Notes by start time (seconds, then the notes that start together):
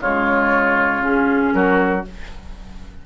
0.00 C#3 G#3 F4 C#5
1.00 C#4 G#4
1.53 F#3 F#4 A#4